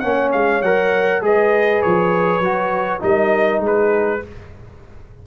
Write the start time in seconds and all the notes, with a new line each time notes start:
0.00 A#3 C#4 C#5 F#5
0.33 G#3 F5
0.62 F#3 A#4 F#5
1.22 G#3 G#4 B4 D#5
1.82 F3 C#5
2.40 F#3 F#4
3.00 G3 D#4 A#4 D#5
3.60 G#3 G#4
3.67 B4